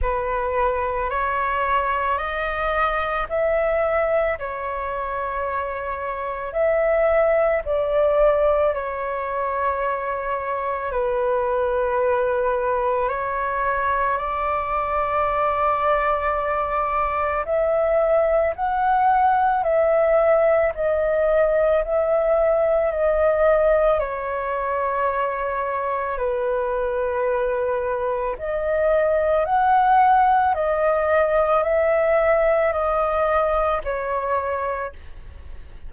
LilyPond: \new Staff \with { instrumentName = "flute" } { \time 4/4 \tempo 4 = 55 b'4 cis''4 dis''4 e''4 | cis''2 e''4 d''4 | cis''2 b'2 | cis''4 d''2. |
e''4 fis''4 e''4 dis''4 | e''4 dis''4 cis''2 | b'2 dis''4 fis''4 | dis''4 e''4 dis''4 cis''4 | }